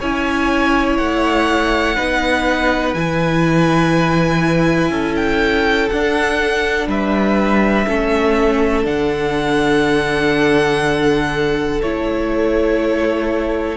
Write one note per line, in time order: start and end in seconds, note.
0.00 0.98 C#4
0.00 1.97 E4
0.00 1.96 C#5
0.00 0.98 G#5
0.98 1.97 A3
0.98 2.94 F#5
1.96 2.94 B3
1.96 2.95 D#4
1.96 4.91 B4
2.94 4.90 E3
2.94 5.91 E4
2.94 5.16 G#5
4.90 5.89 C#4
4.90 6.89 A4
5.16 5.90 G5
5.90 7.87 D4
5.90 6.87 D4
5.90 6.88 F#5
6.87 7.86 G3
6.87 7.87 B4
6.87 8.86 E5
7.87 8.86 A3
7.87 8.84 C#4
7.87 13.77 A4
8.84 11.81 D3
8.84 11.79 D4
8.84 11.82 F#5
11.82 13.77 A3
11.82 13.77 E4
11.82 13.77 C#5